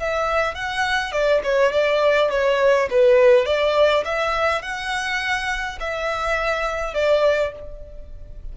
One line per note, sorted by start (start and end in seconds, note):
0.00 0.55 E5
0.55 1.13 F#5
1.13 1.42 D5
1.44 1.73 C#5
1.73 2.31 D5
2.31 2.89 C#5
2.91 3.46 B4
3.46 4.04 D5
4.05 4.63 E5
4.63 5.79 F#5
5.80 6.95 E5
6.95 7.53 D5